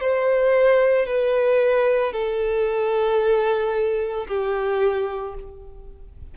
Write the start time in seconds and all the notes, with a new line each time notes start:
0.00 C5
1.06 B4
2.12 A4
4.27 G4